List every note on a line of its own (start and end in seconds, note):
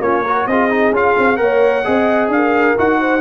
0.00 0.46 A#3
0.00 0.25 C#4
0.00 0.24 F4
0.00 0.47 C#5
0.24 0.50 F#4
0.24 0.46 A#4
0.47 0.92 C4
0.47 0.70 F4
0.47 1.41 G#4
0.47 0.93 D#5
0.70 0.93 D#4
0.92 1.15 C#4
0.92 1.37 F4
0.92 1.37 F5
1.18 1.39 C4
1.37 1.85 A#3
1.37 1.83 A#4
1.37 1.85 C#5
1.37 2.29 F#5
1.84 2.29 C4
1.84 2.76 G#4
1.84 2.31 D#5
2.29 2.74 D4
2.29 2.78 F5
2.35 3.00 A#4
2.78 3.21 D#4
2.78 3.21 F#4
2.78 3.21 F#5
3.00 3.21 C5